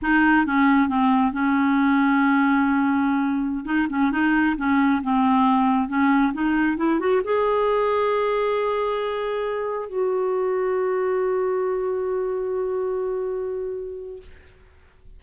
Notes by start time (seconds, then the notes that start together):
0.02 D#4
0.46 C#4
0.88 C4
1.32 C#4
3.65 D#4
3.89 C#4
4.11 D#4
4.57 C#4
5.03 C4
5.88 C#4
6.33 D#4
6.77 E4
6.99 F#4
7.24 G#4
9.88 F#4